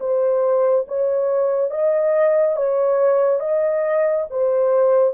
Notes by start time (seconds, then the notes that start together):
0.00 C5
0.88 C#5
1.71 D#5
2.56 C#5
3.40 D#5
4.31 C5